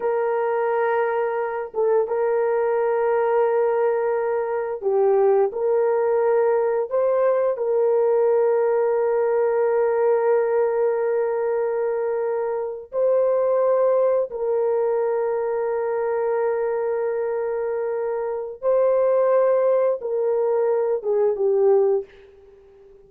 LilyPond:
\new Staff \with { instrumentName = "horn" } { \time 4/4 \tempo 4 = 87 ais'2~ ais'8 a'8 ais'4~ | ais'2. g'4 | ais'2 c''4 ais'4~ | ais'1~ |
ais'2~ ais'8. c''4~ c''16~ | c''8. ais'2.~ ais'16~ | ais'2. c''4~ | c''4 ais'4. gis'8 g'4 | }